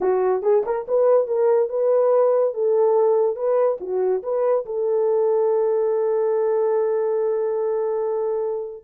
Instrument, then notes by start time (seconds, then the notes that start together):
horn
0.01 F#4
0.42 G#4
0.65 A#4
0.88 B4
1.27 A#4
1.69 B4
2.54 A4
3.36 B4
3.80 F#4
4.22 B4
4.65 A4